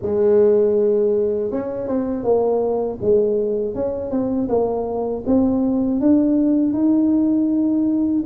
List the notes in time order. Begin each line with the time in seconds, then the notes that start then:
0.02 G#3
1.51 C#4
1.87 C4
2.24 A#3
3.01 G#3
3.74 C#4
4.10 C4
4.49 A#3
5.26 C4
6.00 D4
6.73 D#4